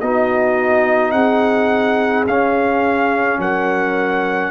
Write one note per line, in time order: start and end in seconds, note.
0.00 1.12 B3
0.00 2.27 D#4
0.00 1.13 F#4
0.00 1.11 D#5
1.11 2.26 C4
1.11 3.39 G#4
1.11 2.24 F#5
2.26 3.38 C#4
2.26 4.51 C#4
2.26 3.40 F5
3.38 4.51 F#3
3.38 4.51 A#4
3.38 4.51 F#5